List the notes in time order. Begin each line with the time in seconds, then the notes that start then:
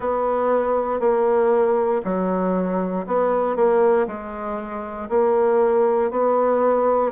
0.00 B3
0.99 A#3
2.04 F#3
3.06 B3
3.55 A#3
4.07 G#3
5.08 A#3
6.10 B3